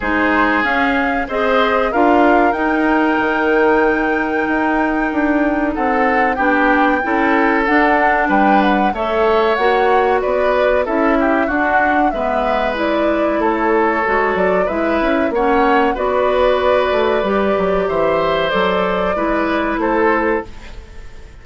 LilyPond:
<<
  \new Staff \with { instrumentName = "flute" } { \time 4/4 \tempo 4 = 94 c''4 f''4 dis''4 f''4 | g''1~ | g''4 fis''4 g''2 | fis''4 g''8 fis''8 e''4 fis''4 |
d''4 e''4 fis''4 e''4 | d''4 cis''4. d''8 e''4 | fis''4 d''2. | e''4 d''2 c''4 | }
  \new Staff \with { instrumentName = "oboe" } { \time 4/4 gis'2 c''4 ais'4~ | ais'1~ | ais'4 a'4 g'4 a'4~ | a'4 b'4 cis''2 |
b'4 a'8 g'8 fis'4 b'4~ | b'4 a'2 b'4 | cis''4 b'2. | c''2 b'4 a'4 | }
  \new Staff \with { instrumentName = "clarinet" } { \time 4/4 dis'4 cis'4 gis'4 f'4 | dis'1~ | dis'2 d'4 e'4 | d'2 a'4 fis'4~ |
fis'4 e'4 d'4 b4 | e'2 fis'4 e'4 | cis'4 fis'2 g'4~ | g'4 a'4 e'2 | }
  \new Staff \with { instrumentName = "bassoon" } { \time 4/4 gis4 cis'4 c'4 d'4 | dis'4 dis2 dis'4 | d'4 c'4 b4 cis'4 | d'4 g4 a4 ais4 |
b4 cis'4 d'4 gis4~ | gis4 a4 gis8 fis8 gis8 cis'8 | ais4 b4. a8 g8 fis8 | e4 fis4 gis4 a4 | }
>>